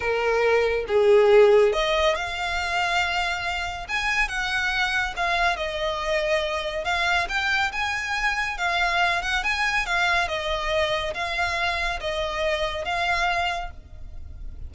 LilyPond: \new Staff \with { instrumentName = "violin" } { \time 4/4 \tempo 4 = 140 ais'2 gis'2 | dis''4 f''2.~ | f''4 gis''4 fis''2 | f''4 dis''2. |
f''4 g''4 gis''2 | f''4. fis''8 gis''4 f''4 | dis''2 f''2 | dis''2 f''2 | }